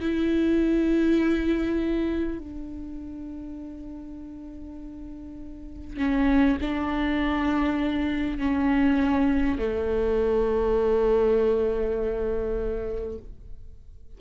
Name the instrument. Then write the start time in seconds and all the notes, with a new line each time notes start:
viola
0.00 E4
2.39 D4
5.97 C#4
6.61 D4
8.38 C#4
9.58 A3